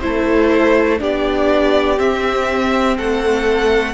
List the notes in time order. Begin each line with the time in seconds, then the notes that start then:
0.00 A3 E4 A4 C5
0.99 B3 D4 G4 D5
1.97 C4 E5
2.97 A3 A4 F#5